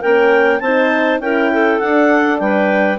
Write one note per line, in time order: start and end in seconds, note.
0.00 0.61 A#3
0.00 0.63 C#4
0.00 0.59 A#4
0.00 0.60 G5
0.60 1.20 C4
0.60 1.22 D#4
0.60 1.21 C5
0.60 1.19 A5
1.20 1.79 C#4
1.20 1.81 E4
1.20 1.52 A#4
1.20 1.80 G5
1.53 2.42 A4
1.80 2.99 D4
1.80 2.40 D4
1.80 2.39 F#5
2.39 2.99 G3
2.39 2.99 B4
2.39 2.99 G5